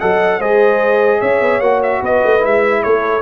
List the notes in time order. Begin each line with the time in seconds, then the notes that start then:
0.00 F#3 A4 D#5 F#5
0.39 G#3 G#4 C5 D#5
1.19 C#4 C#5 E5
1.40 B3
1.59 A#3 F#4 F#5
1.82 E5
2.00 B3 B4 D#5
2.24 A3
2.39 G#3 E4 E5
2.83 A3 A4 C#5